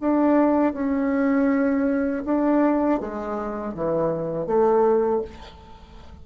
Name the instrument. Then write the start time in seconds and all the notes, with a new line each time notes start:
bassoon
0.00 D4
0.73 C#4
2.24 D4
3.00 G#3
3.74 E3
4.46 A3